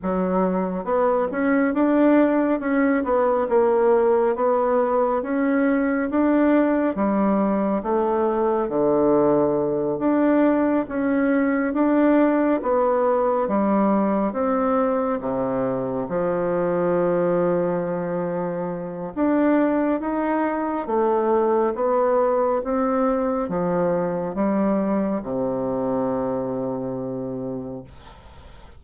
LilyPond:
\new Staff \with { instrumentName = "bassoon" } { \time 4/4 \tempo 4 = 69 fis4 b8 cis'8 d'4 cis'8 b8 | ais4 b4 cis'4 d'4 | g4 a4 d4. d'8~ | d'8 cis'4 d'4 b4 g8~ |
g8 c'4 c4 f4.~ | f2 d'4 dis'4 | a4 b4 c'4 f4 | g4 c2. | }